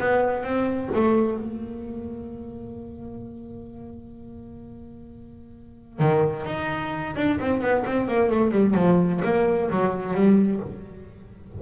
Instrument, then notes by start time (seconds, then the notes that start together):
double bass
0.00 B3
0.44 C4
0.95 A3
1.40 A#3
6.00 D#3
6.46 D#4
7.16 D4
7.40 C4
7.62 B3
7.86 C4
8.08 A#3
8.31 A3
8.52 G3
8.75 F3
9.24 A#3
9.71 F#3
10.14 G3